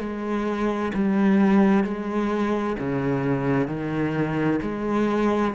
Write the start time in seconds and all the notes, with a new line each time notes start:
0.00 G#3
0.94 G3
1.84 G#3
2.79 C#3
3.68 D#3
4.62 G#3